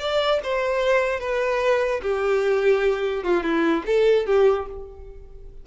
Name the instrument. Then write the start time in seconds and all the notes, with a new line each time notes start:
violin
0.00 D5
0.44 C5
1.21 B4
2.03 G4
3.24 F4
3.43 E4
3.86 A4
4.27 G4